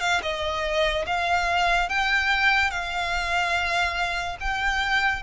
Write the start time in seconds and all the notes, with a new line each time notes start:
0.00 F5
0.22 D#5
1.06 F5
1.89 G5
2.70 F5
4.40 G5